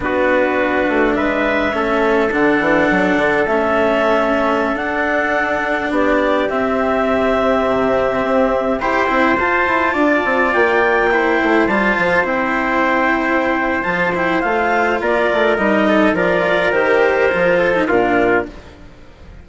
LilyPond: <<
  \new Staff \with { instrumentName = "clarinet" } { \time 4/4 \tempo 4 = 104 b'2 e''2 | fis''2 e''2~ | e''16 fis''2 d''4 e''8.~ | e''2.~ e''16 g''8.~ |
g''16 a''2 g''4.~ g''16~ | g''16 a''4 g''2~ g''8. | a''8 g''8 f''4 d''4 dis''4 | d''4 c''2 ais'4 | }
  \new Staff \with { instrumentName = "trumpet" } { \time 4/4 fis'2 b'4 a'4~ | a'1~ | a'2~ a'16 g'4.~ g'16~ | g'2.~ g'16 c''8.~ |
c''4~ c''16 d''2 c''8.~ | c''1~ | c''2 ais'4. a'8 | ais'2~ ais'8 a'8 f'4 | }
  \new Staff \with { instrumentName = "cello" } { \time 4/4 d'2. cis'4 | d'2 cis'2~ | cis'16 d'2. c'8.~ | c'2.~ c'16 g'8 e'16~ |
e'16 f'2. e'8.~ | e'16 f'4 e'2~ e'8. | f'8 e'8 f'2 dis'4 | f'4 g'4 f'8. dis'16 d'4 | }
  \new Staff \with { instrumentName = "bassoon" } { \time 4/4 b4. a8 gis4 a4 | d8 e8 fis8 d8 a2~ | a16 d'2 b4 c'8.~ | c'4~ c'16 c4 c'4 e'8 c'16~ |
c'16 f'8 e'8 d'8 c'8 ais4. a16~ | a16 g8 f8 c'2~ c'8. | f4 a4 ais8 a8 g4 | f4 dis4 f4 ais,4 | }
>>